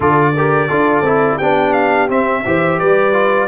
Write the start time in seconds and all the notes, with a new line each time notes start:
0.00 D3 F4 A4 D5
0.35 G4 A#4
0.68 D4 F4 A4
1.01 C4 E4
1.36 B3 D4 G4 G5
1.73 F5
2.09 C4 E5
2.45 E3 G4 C5
2.79 G3 B4 D5
3.12 F4